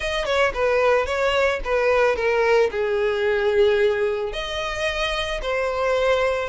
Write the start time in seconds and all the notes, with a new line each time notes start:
0.00 D#5
0.25 C#5
0.54 B4
1.06 C#5
1.64 B4
2.15 A#4
2.71 G#4
4.32 D#5
5.42 C5